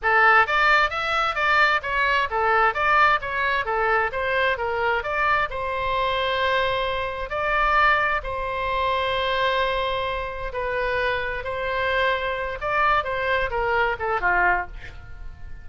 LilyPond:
\new Staff \with { instrumentName = "oboe" } { \time 4/4 \tempo 4 = 131 a'4 d''4 e''4 d''4 | cis''4 a'4 d''4 cis''4 | a'4 c''4 ais'4 d''4 | c''1 |
d''2 c''2~ | c''2. b'4~ | b'4 c''2~ c''8 d''8~ | d''8 c''4 ais'4 a'8 f'4 | }